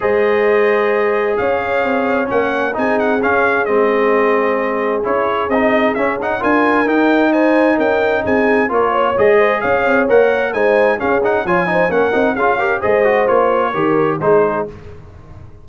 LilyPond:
<<
  \new Staff \with { instrumentName = "trumpet" } { \time 4/4 \tempo 4 = 131 dis''2. f''4~ | f''4 fis''4 gis''8 fis''8 f''4 | dis''2. cis''4 | dis''4 e''8 fis''8 gis''4 g''4 |
gis''4 g''4 gis''4 cis''4 | dis''4 f''4 fis''4 gis''4 | f''8 fis''8 gis''4 fis''4 f''4 | dis''4 cis''2 c''4 | }
  \new Staff \with { instrumentName = "horn" } { \time 4/4 c''2. cis''4~ | cis''2 gis'2~ | gis'1~ | gis'2 ais'2 |
c''4 ais'4 gis'4 ais'8 cis''8~ | cis''8 c''8 cis''2 c''4 | gis'4 cis''8 c''8 ais'4 gis'8 ais'8 | c''2 ais'4 gis'4 | }
  \new Staff \with { instrumentName = "trombone" } { \time 4/4 gis'1~ | gis'4 cis'4 dis'4 cis'4 | c'2. e'4 | dis'4 cis'8 dis'8 f'4 dis'4~ |
dis'2. f'4 | gis'2 ais'4 dis'4 | cis'8 dis'8 f'8 dis'8 cis'8 dis'8 f'8 g'8 | gis'8 fis'8 f'4 g'4 dis'4 | }
  \new Staff \with { instrumentName = "tuba" } { \time 4/4 gis2. cis'4 | c'4 ais4 c'4 cis'4 | gis2. cis'4 | c'4 cis'4 d'4 dis'4~ |
dis'4 cis'4 c'4 ais4 | gis4 cis'8 c'8 ais4 gis4 | cis'4 f4 ais8 c'8 cis'4 | gis4 ais4 dis4 gis4 | }
>>